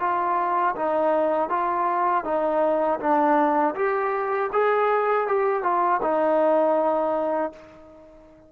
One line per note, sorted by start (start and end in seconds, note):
0.00 0.75 F4
0.76 1.50 D#4
1.50 2.25 F4
2.25 3.00 D#4
3.00 3.75 D4
3.75 4.50 G4
4.53 5.28 G#4
5.28 5.63 G4
5.63 6.01 F4
6.02 7.52 D#4